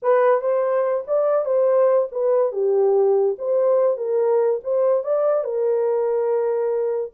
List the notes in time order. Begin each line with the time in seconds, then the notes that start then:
0.02 B4
0.41 C5
1.07 D5
1.45 C5
2.11 B4
2.52 G4
3.38 C5
3.97 A#4
4.63 C5
5.03 D5
5.43 A#4